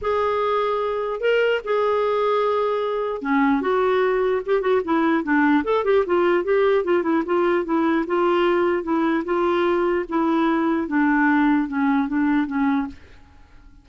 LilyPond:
\new Staff \with { instrumentName = "clarinet" } { \time 4/4 \tempo 4 = 149 gis'2. ais'4 | gis'1 | cis'4 fis'2 g'8 fis'8 | e'4 d'4 a'8 g'8 f'4 |
g'4 f'8 e'8 f'4 e'4 | f'2 e'4 f'4~ | f'4 e'2 d'4~ | d'4 cis'4 d'4 cis'4 | }